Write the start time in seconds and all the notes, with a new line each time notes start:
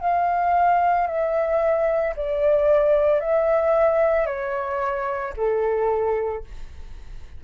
0.00 F5
1.07 E5
2.16 D5
3.20 E5
4.26 C#5
5.37 A4